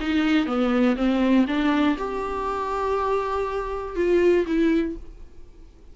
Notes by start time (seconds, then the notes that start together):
0.00 D#4
0.46 B3
0.96 C4
1.47 D4
1.98 G4
3.95 F4
4.46 E4